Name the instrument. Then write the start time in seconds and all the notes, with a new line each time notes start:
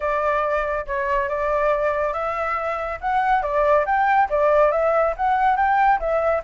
flute
0.00 D5
0.86 C#5
1.28 D5
2.13 E5
3.00 F#5
3.42 D5
3.85 G5
4.29 D5
4.71 E5
5.16 F#5
5.56 G5
5.99 E5